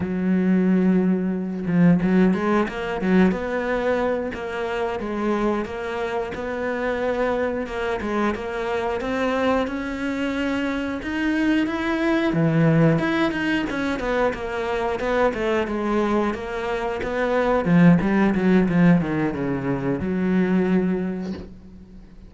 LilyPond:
\new Staff \with { instrumentName = "cello" } { \time 4/4 \tempo 4 = 90 fis2~ fis8 f8 fis8 gis8 | ais8 fis8 b4. ais4 gis8~ | gis8 ais4 b2 ais8 | gis8 ais4 c'4 cis'4.~ |
cis'8 dis'4 e'4 e4 e'8 | dis'8 cis'8 b8 ais4 b8 a8 gis8~ | gis8 ais4 b4 f8 g8 fis8 | f8 dis8 cis4 fis2 | }